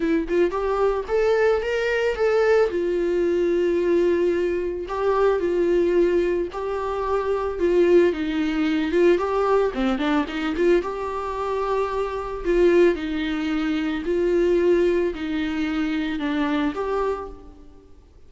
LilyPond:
\new Staff \with { instrumentName = "viola" } { \time 4/4 \tempo 4 = 111 e'8 f'8 g'4 a'4 ais'4 | a'4 f'2.~ | f'4 g'4 f'2 | g'2 f'4 dis'4~ |
dis'8 f'8 g'4 c'8 d'8 dis'8 f'8 | g'2. f'4 | dis'2 f'2 | dis'2 d'4 g'4 | }